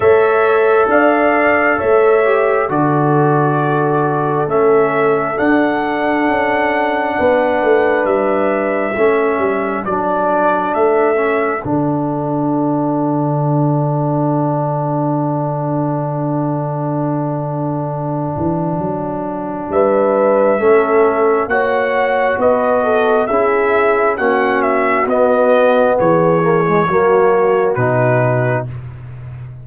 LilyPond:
<<
  \new Staff \with { instrumentName = "trumpet" } { \time 4/4 \tempo 4 = 67 e''4 f''4 e''4 d''4~ | d''4 e''4 fis''2~ | fis''4 e''2 d''4 | e''4 fis''2.~ |
fis''1~ | fis''2 e''2 | fis''4 dis''4 e''4 fis''8 e''8 | dis''4 cis''2 b'4 | }
  \new Staff \with { instrumentName = "horn" } { \time 4/4 cis''4 d''4 cis''4 a'4~ | a'1 | b'2 a'2~ | a'1~ |
a'1~ | a'2 b'4 a'4 | cis''4 b'8 a'8 gis'4 fis'4~ | fis'4 gis'4 fis'2 | }
  \new Staff \with { instrumentName = "trombone" } { \time 4/4 a'2~ a'8 g'8 fis'4~ | fis'4 cis'4 d'2~ | d'2 cis'4 d'4~ | d'8 cis'8 d'2.~ |
d'1~ | d'2. cis'4 | fis'2 e'4 cis'4 | b4. ais16 gis16 ais4 dis'4 | }
  \new Staff \with { instrumentName = "tuba" } { \time 4/4 a4 d'4 a4 d4~ | d4 a4 d'4 cis'4 | b8 a8 g4 a8 g8 fis4 | a4 d2.~ |
d1~ | d8 e8 fis4 g4 a4 | ais4 b4 cis'4 ais4 | b4 e4 fis4 b,4 | }
>>